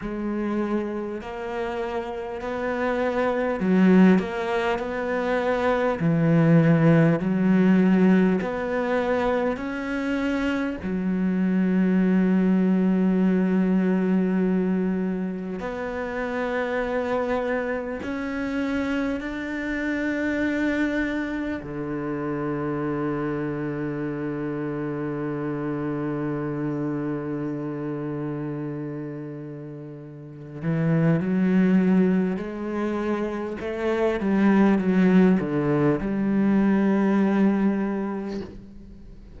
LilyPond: \new Staff \with { instrumentName = "cello" } { \time 4/4 \tempo 4 = 50 gis4 ais4 b4 fis8 ais8 | b4 e4 fis4 b4 | cis'4 fis2.~ | fis4 b2 cis'4 |
d'2 d2~ | d1~ | d4. e8 fis4 gis4 | a8 g8 fis8 d8 g2 | }